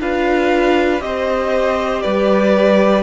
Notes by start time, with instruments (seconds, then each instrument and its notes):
0.00 cello D4, viola F4, violin B4 F5
1.00 cello C4, viola G4, violin C5 D#5
2.02 cello G3, violin B4 D5